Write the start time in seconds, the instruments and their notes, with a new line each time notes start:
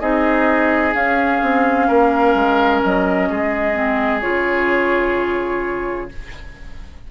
0.00 bassoon C4, clarinet D#4, oboe G#4, flute D#5
0.94 clarinet C#4, bassoon C#4, flute F5
1.42 bassoon C4
1.88 bassoon A#3, oboe A#4
2.35 bassoon G#3
2.84 bassoon F#3, flute D#5
3.29 bassoon G#3, oboe G#4
3.74 clarinet C4
4.21 bassoon C#3, clarinet F4, flute C#5